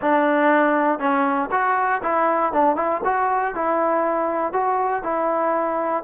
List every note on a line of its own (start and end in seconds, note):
0.01 0.99 D4
0.99 1.49 C#4
1.51 2.01 F#4
2.02 2.52 E4
2.53 2.76 D4
2.76 3.01 E4
3.04 3.54 F#4
3.54 4.52 E4
4.52 5.03 F#4
5.03 6.03 E4